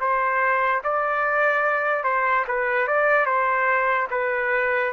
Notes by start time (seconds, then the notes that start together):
0.00 C5
0.84 D5
2.04 C5
2.48 B4
2.87 D5
3.26 C5
4.11 B4